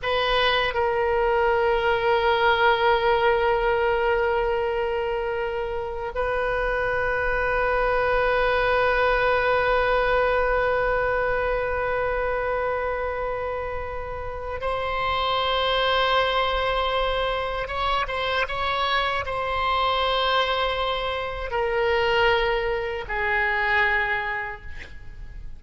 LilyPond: \new Staff \with { instrumentName = "oboe" } { \time 4/4 \tempo 4 = 78 b'4 ais'2.~ | ais'1 | b'1~ | b'1~ |
b'2. c''4~ | c''2. cis''8 c''8 | cis''4 c''2. | ais'2 gis'2 | }